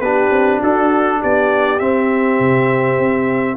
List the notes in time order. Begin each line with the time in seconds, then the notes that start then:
0.00 B3 D4 G4 B4
0.30 C4
0.59 D4 F#4 A4
1.19 B3 G4 D5
1.79 C4 E5
2.39 C3
2.98 C4